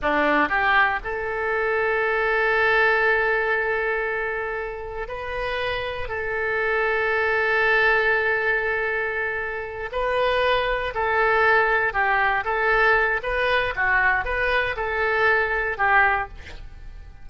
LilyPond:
\new Staff \with { instrumentName = "oboe" } { \time 4/4 \tempo 4 = 118 d'4 g'4 a'2~ | a'1~ | a'2 b'2 | a'1~ |
a'2.~ a'8 b'8~ | b'4. a'2 g'8~ | g'8 a'4. b'4 fis'4 | b'4 a'2 g'4 | }